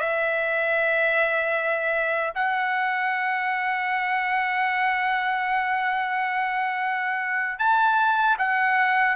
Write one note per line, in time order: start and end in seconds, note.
0.00 2.34 E5
2.36 7.59 F#5
7.59 8.37 A5
8.39 9.16 F#5